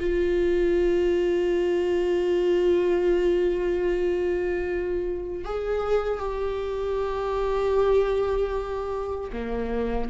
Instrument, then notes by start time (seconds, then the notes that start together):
viola
0.00 F4
5.45 G#4
6.19 G4
9.33 A#3